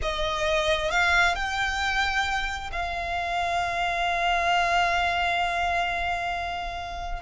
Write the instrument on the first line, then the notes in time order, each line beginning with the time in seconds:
violin
0.02 D#5
0.90 F5
1.35 G5
2.71 F5